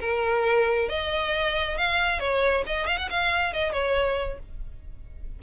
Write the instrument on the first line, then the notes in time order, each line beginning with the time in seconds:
violin
0.00 A#4
0.89 D#5
1.77 F5
2.19 C#5
2.66 D#5
2.86 F5
2.97 F#5
3.10 F5
3.53 D#5
3.72 C#5